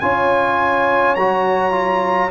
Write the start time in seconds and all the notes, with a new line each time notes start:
0.00 C#4 F4 C#5 G#5
1.15 F#3 F#4 A#5
1.72 F4